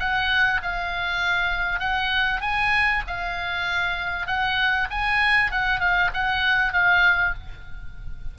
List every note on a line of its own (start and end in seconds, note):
0.00 0.61 F#5
0.63 1.80 F5
1.80 2.41 F#5
2.41 3.03 G#5
3.07 4.27 F5
4.27 4.88 F#5
4.91 5.52 G#5
5.52 5.80 F#5
5.80 6.11 F5
6.14 6.73 F#5
6.73 7.34 F5